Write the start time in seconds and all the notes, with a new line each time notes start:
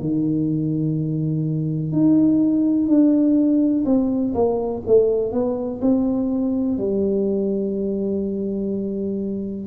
0.00 D#3
1.92 D#4
2.88 D4
3.85 C4
4.34 A#3
4.87 A3
5.32 B3
5.81 C4
6.77 G3